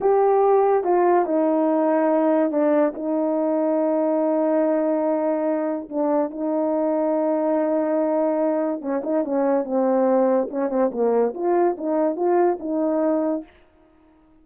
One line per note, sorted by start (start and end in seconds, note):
0.00 0.84 G4
0.84 1.25 F4
1.25 2.51 D#4
2.51 2.93 D4
2.95 5.88 D#4
5.89 6.30 D4
6.30 8.81 D#4
8.81 9.02 C#4
9.03 9.24 D#4
9.24 9.64 C#4
9.64 10.48 C4
10.50 10.69 C#4
10.69 10.90 C4
10.91 11.33 A#3
11.34 11.76 F4
11.77 12.16 D#4
12.16 12.58 F4
12.59 13.43 D#4